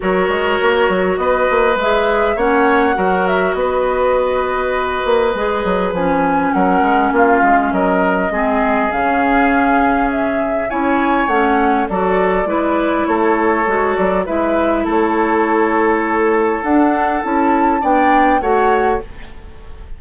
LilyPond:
<<
  \new Staff \with { instrumentName = "flute" } { \time 4/4 \tempo 4 = 101 cis''2 dis''4 e''4 | fis''4. e''8 dis''2~ | dis''2 gis''4 fis''4 | f''4 dis''2 f''4~ |
f''4 e''4 gis''4 fis''4 | d''2 cis''4. d''8 | e''4 cis''2. | fis''4 a''4 g''4 fis''4 | }
  \new Staff \with { instrumentName = "oboe" } { \time 4/4 ais'2 b'2 | cis''4 ais'4 b'2~ | b'2. ais'4 | f'4 ais'4 gis'2~ |
gis'2 cis''2 | a'4 b'4 a'2 | b'4 a'2.~ | a'2 d''4 cis''4 | }
  \new Staff \with { instrumentName = "clarinet" } { \time 4/4 fis'2. gis'4 | cis'4 fis'2.~ | fis'4 gis'4 cis'2~ | cis'2 c'4 cis'4~ |
cis'2 e'4 cis'4 | fis'4 e'2 fis'4 | e'1 | d'4 e'4 d'4 fis'4 | }
  \new Staff \with { instrumentName = "bassoon" } { \time 4/4 fis8 gis8 ais8 fis8 b8 ais8 gis4 | ais4 fis4 b2~ | b8 ais8 gis8 fis8 f4 fis8 gis8 | ais8 gis8 fis4 gis4 cis4~ |
cis2 cis'4 a4 | fis4 gis4 a4 gis8 fis8 | gis4 a2. | d'4 cis'4 b4 a4 | }
>>